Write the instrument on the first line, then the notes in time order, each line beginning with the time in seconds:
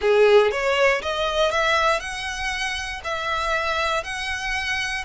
violin
0.01 G#4
0.51 C#5
1.02 D#5
1.51 E5
2.00 F#5
3.04 E5
4.03 F#5